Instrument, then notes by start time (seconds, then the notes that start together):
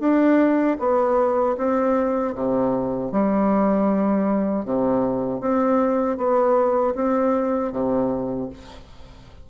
bassoon
0.00 D4
0.79 B3
1.58 C4
2.35 C3
3.12 G3
4.65 C3
5.41 C4
6.17 B3
6.95 C4
7.72 C3